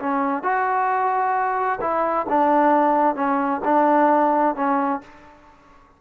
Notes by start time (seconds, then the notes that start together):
0.00 C#4
0.43 F#4
1.81 E4
2.29 D4
3.16 C#4
3.65 D4
4.56 C#4